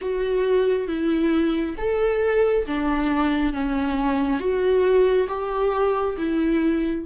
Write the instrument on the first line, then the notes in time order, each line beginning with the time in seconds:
viola
0.01 F#4
0.87 E4
1.77 A4
2.66 D4
3.53 C#4
4.39 F#4
5.27 G4
6.17 E4